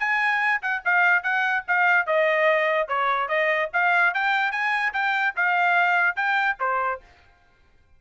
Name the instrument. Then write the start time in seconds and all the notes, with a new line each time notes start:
trumpet
0.00 G#5
0.62 F#5
0.85 F5
1.23 F#5
1.68 F5
2.07 D#5
2.88 C#5
3.29 D#5
3.74 F5
4.14 G5
4.52 G#5
4.94 G5
5.36 F5
6.16 G5
6.60 C5